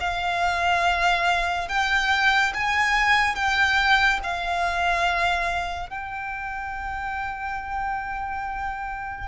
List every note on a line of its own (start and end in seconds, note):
0.00 1.69 F5
1.69 2.53 G5
2.54 3.35 G#5
3.35 4.20 G5
4.23 5.90 F5
5.90 9.28 G5